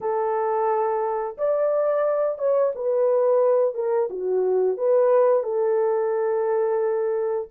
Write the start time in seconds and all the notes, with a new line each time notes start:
0.00 A4
1.37 D5
2.38 C#5
2.75 B4
3.74 A#4
4.10 F#4
4.77 B4
5.43 A4